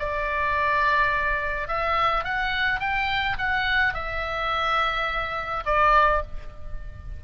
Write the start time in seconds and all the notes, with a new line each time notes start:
0.00 D5
1.68 E5
2.25 F#5
2.80 G5
3.38 F#5
3.94 E5
5.66 D5